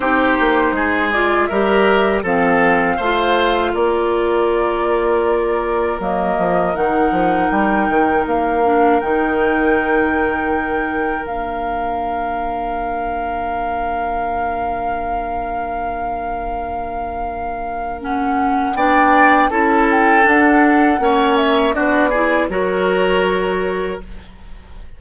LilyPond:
<<
  \new Staff \with { instrumentName = "flute" } { \time 4/4 \tempo 4 = 80 c''4. d''8 e''4 f''4~ | f''4 d''2. | dis''4 fis''4 g''4 f''4 | g''2. f''4~ |
f''1~ | f''1 | fis''4 g''4 a''8 g''8 fis''4~ | fis''8 e''8 d''4 cis''2 | }
  \new Staff \with { instrumentName = "oboe" } { \time 4/4 g'4 gis'4 ais'4 a'4 | c''4 ais'2.~ | ais'1~ | ais'1~ |
ais'1~ | ais'1~ | ais'4 d''4 a'2 | cis''4 fis'8 gis'8 ais'2 | }
  \new Staff \with { instrumentName = "clarinet" } { \time 4/4 dis'4. f'8 g'4 c'4 | f'1 | ais4 dis'2~ dis'8 d'8 | dis'2. d'4~ |
d'1~ | d'1 | cis'4 d'4 e'4 d'4 | cis'4 d'8 e'8 fis'2 | }
  \new Staff \with { instrumentName = "bassoon" } { \time 4/4 c'8 ais8 gis4 g4 f4 | a4 ais2. | fis8 f8 dis8 f8 g8 dis8 ais4 | dis2. ais4~ |
ais1~ | ais1~ | ais4 b4 cis'4 d'4 | ais4 b4 fis2 | }
>>